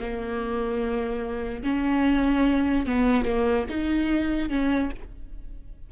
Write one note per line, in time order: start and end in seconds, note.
0.00 1.63 A#3
1.63 2.86 C#4
2.86 3.25 B3
3.25 3.66 A#3
3.69 4.49 D#4
4.49 4.90 C#4